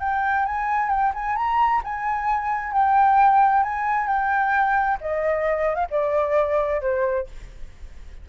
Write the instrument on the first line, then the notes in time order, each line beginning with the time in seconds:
flute
0.00 G5
0.46 G#5
0.90 G5
1.14 G#5
1.36 A#5
1.84 G#5
2.72 G5
3.63 G#5
4.07 G5
5.01 D#5
5.75 F5
5.90 D5
6.81 C5